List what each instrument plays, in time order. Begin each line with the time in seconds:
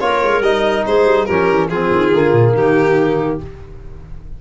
0.00 tuba A#3, trombone F4, clarinet A#4, violin C#5
0.23 tuba G#3
0.41 tuba G3, trombone D#4, violin D#5
0.87 tuba G#3, clarinet G#4, violin C5
1.06 tuba G3
1.26 tuba F3, trombone C#4, clarinet G4, violin A#4
1.50 tuba E3
1.68 tuba F3, clarinet F4, violin G#4
1.74 trombone C4
1.92 tuba D#3
2.13 tuba D3, trombone A#3
2.33 tuba A#2
2.53 tuba D#3, clarinet D#4, violin G4